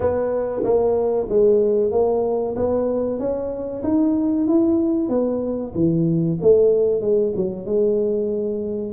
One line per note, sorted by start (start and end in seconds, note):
0.00 0.62 B3
0.63 1.27 A#3
1.29 1.91 G#3
1.91 2.55 A#3
2.55 3.19 B3
3.19 3.82 C#4
3.83 4.47 D#4
4.47 5.09 E4
5.09 5.72 B3
5.74 6.38 E3
6.41 7.01 A3
7.01 7.33 G#3
7.36 7.65 F#3
7.65 8.92 G#3